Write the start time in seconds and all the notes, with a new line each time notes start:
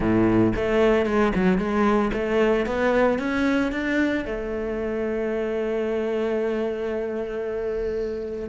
0.00 A2
0.55 A3
1.05 G#3
1.35 F#3
1.58 G#3
2.13 A3
2.65 B3
3.19 C#4
3.72 D4
4.25 A3